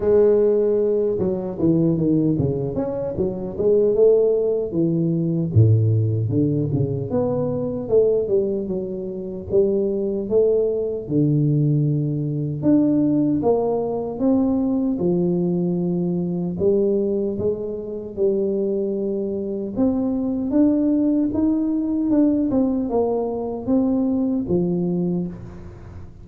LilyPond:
\new Staff \with { instrumentName = "tuba" } { \time 4/4 \tempo 4 = 76 gis4. fis8 e8 dis8 cis8 cis'8 | fis8 gis8 a4 e4 a,4 | d8 cis8 b4 a8 g8 fis4 | g4 a4 d2 |
d'4 ais4 c'4 f4~ | f4 g4 gis4 g4~ | g4 c'4 d'4 dis'4 | d'8 c'8 ais4 c'4 f4 | }